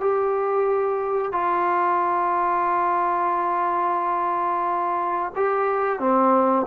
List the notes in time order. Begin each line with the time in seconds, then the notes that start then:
0.00 G4
1.32 F4
5.35 G4
5.99 C4